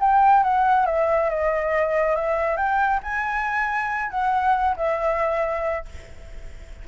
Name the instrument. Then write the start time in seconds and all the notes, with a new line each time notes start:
flute
0.00 G5
0.43 F#5
0.86 E5
1.30 D#5
2.15 E5
2.57 G5
3.03 G#5
4.10 F#5
4.76 E5